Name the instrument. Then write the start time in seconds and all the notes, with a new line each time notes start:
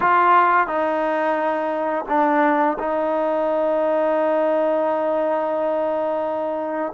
trombone
0.00 F4
0.67 D#4
2.08 D4
2.79 D#4